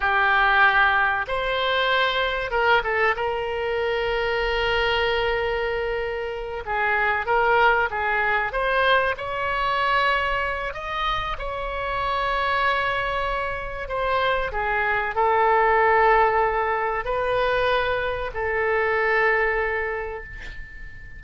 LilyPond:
\new Staff \with { instrumentName = "oboe" } { \time 4/4 \tempo 4 = 95 g'2 c''2 | ais'8 a'8 ais'2.~ | ais'2~ ais'8 gis'4 ais'8~ | ais'8 gis'4 c''4 cis''4.~ |
cis''4 dis''4 cis''2~ | cis''2 c''4 gis'4 | a'2. b'4~ | b'4 a'2. | }